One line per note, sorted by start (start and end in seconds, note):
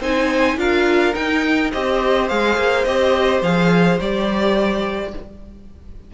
0.00 0.57 C4
0.00 0.57 D#4
0.00 0.57 C5
0.00 0.59 G#5
0.57 1.13 D4
0.57 1.13 F4
0.57 1.71 A#4
0.57 1.14 F5
1.13 1.69 D#4
1.13 1.73 D#4
1.13 1.71 G5
1.71 2.31 C4
1.71 2.28 G4
1.71 5.11 C5
1.71 2.28 D#5
2.28 2.57 G#3
2.28 2.85 G#4
2.28 2.84 F5
2.57 2.85 A#3
2.84 3.41 C4
2.84 3.42 G4
2.84 3.41 D#5
3.41 3.98 F3
3.41 3.99 G#4
3.41 3.99 F5
4.00 5.13 G3
4.00 5.14 G4
4.00 5.13 D5